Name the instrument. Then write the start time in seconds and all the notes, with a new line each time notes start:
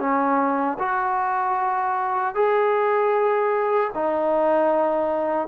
trombone
0.00 C#4
0.79 F#4
2.35 G#4
3.95 D#4